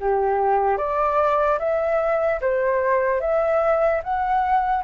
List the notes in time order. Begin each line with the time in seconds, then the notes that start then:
0.00 G4
0.77 D5
1.59 E5
2.41 C5
3.20 E5
4.03 F#5